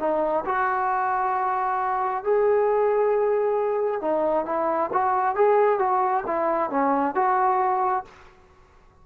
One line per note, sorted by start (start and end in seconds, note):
0.00 0.45 D#4
0.46 2.24 F#4
2.24 4.02 G#4
4.02 4.46 D#4
4.46 4.91 E4
4.93 5.36 F#4
5.36 5.79 G#4
5.79 6.24 F#4
6.27 6.71 E4
6.71 7.16 C#4
7.16 8.05 F#4